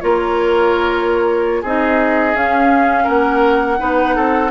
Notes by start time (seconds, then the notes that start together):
0.00 A#3 F4 A#4 C#5
1.62 C4 D#4 G#4 D#5
2.34 C#4 F5
3.04 A#3 A#4 F#5
3.78 B3 D#4 B4
4.15 C4 A4